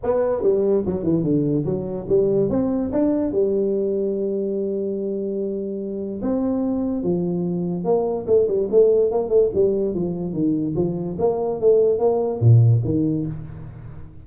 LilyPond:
\new Staff \with { instrumentName = "tuba" } { \time 4/4 \tempo 4 = 145 b4 g4 fis8 e8 d4 | fis4 g4 c'4 d'4 | g1~ | g2. c'4~ |
c'4 f2 ais4 | a8 g8 a4 ais8 a8 g4 | f4 dis4 f4 ais4 | a4 ais4 ais,4 dis4 | }